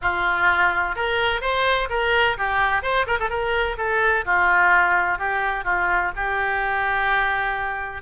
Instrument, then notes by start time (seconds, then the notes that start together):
oboe
0.01 F4
0.95 A#4
1.41 C5
1.89 A#4
2.37 G4
2.82 C5
3.06 A#4
3.19 A4
3.29 A#4
3.77 A4
4.25 F4
5.18 G4
5.64 F4
6.15 G4